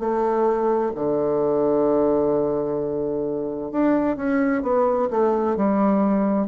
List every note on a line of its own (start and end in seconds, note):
0.00 0.92 A3
0.96 3.72 D3
3.72 4.17 D4
4.17 4.63 C#4
4.63 5.09 B3
5.11 5.57 A3
5.57 6.48 G3